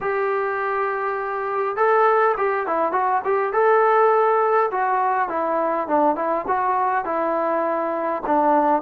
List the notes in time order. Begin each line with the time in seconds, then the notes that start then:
0.00 G4
1.76 A4
2.37 G4
2.66 E4
2.92 F#4
3.24 G4
3.52 A4
4.71 F#4
5.28 E4
5.87 D4
6.15 E4
6.47 F#4
7.04 E4
8.26 D4